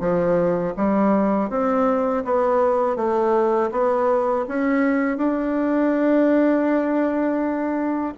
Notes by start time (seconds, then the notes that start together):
0.00 F3
0.77 G3
1.50 C4
2.25 B3
2.96 A3
3.71 B3
4.48 C#4
5.18 D4